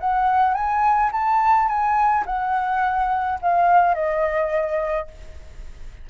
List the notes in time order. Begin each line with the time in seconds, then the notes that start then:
0.00 F#5
0.54 G#5
1.12 A5
1.68 G#5
2.26 F#5
3.42 F5
3.94 D#5